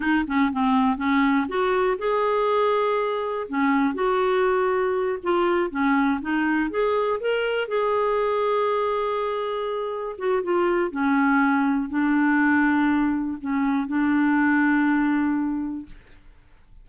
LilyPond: \new Staff \with { instrumentName = "clarinet" } { \time 4/4 \tempo 4 = 121 dis'8 cis'8 c'4 cis'4 fis'4 | gis'2. cis'4 | fis'2~ fis'8 f'4 cis'8~ | cis'8 dis'4 gis'4 ais'4 gis'8~ |
gis'1~ | gis'8 fis'8 f'4 cis'2 | d'2. cis'4 | d'1 | }